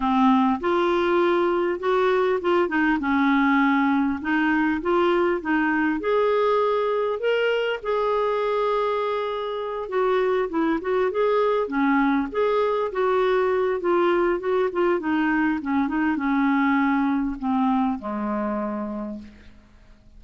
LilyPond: \new Staff \with { instrumentName = "clarinet" } { \time 4/4 \tempo 4 = 100 c'4 f'2 fis'4 | f'8 dis'8 cis'2 dis'4 | f'4 dis'4 gis'2 | ais'4 gis'2.~ |
gis'8 fis'4 e'8 fis'8 gis'4 cis'8~ | cis'8 gis'4 fis'4. f'4 | fis'8 f'8 dis'4 cis'8 dis'8 cis'4~ | cis'4 c'4 gis2 | }